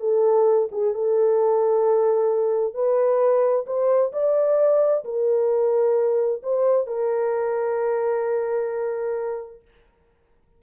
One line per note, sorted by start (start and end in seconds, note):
0.00 0.69 A4
0.71 0.94 G#4
0.94 2.74 A4
2.74 3.65 B4
3.66 4.12 C5
4.12 5.04 D5
5.04 6.42 A#4
6.42 6.87 C5
6.87 9.62 A#4